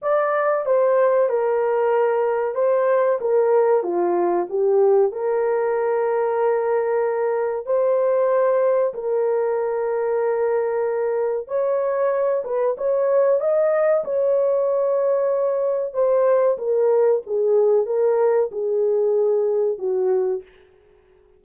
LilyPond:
\new Staff \with { instrumentName = "horn" } { \time 4/4 \tempo 4 = 94 d''4 c''4 ais'2 | c''4 ais'4 f'4 g'4 | ais'1 | c''2 ais'2~ |
ais'2 cis''4. b'8 | cis''4 dis''4 cis''2~ | cis''4 c''4 ais'4 gis'4 | ais'4 gis'2 fis'4 | }